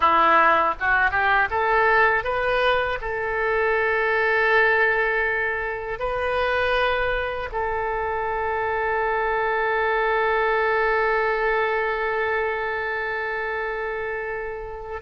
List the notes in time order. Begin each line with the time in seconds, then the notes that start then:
0.00 E4
0.80 F#4
1.10 G4
1.50 A4
2.23 B4
3.01 A4
5.99 B4
7.52 A4